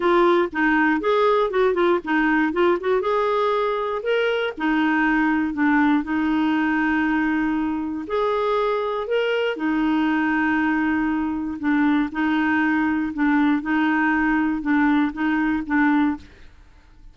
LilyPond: \new Staff \with { instrumentName = "clarinet" } { \time 4/4 \tempo 4 = 119 f'4 dis'4 gis'4 fis'8 f'8 | dis'4 f'8 fis'8 gis'2 | ais'4 dis'2 d'4 | dis'1 |
gis'2 ais'4 dis'4~ | dis'2. d'4 | dis'2 d'4 dis'4~ | dis'4 d'4 dis'4 d'4 | }